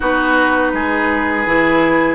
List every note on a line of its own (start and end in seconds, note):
0.00 0.73 B3
0.00 1.46 D#4
0.00 0.71 F#4
0.00 2.15 B4
0.73 1.46 G#3
0.73 2.15 G#4
1.46 2.15 E3
1.46 2.15 E4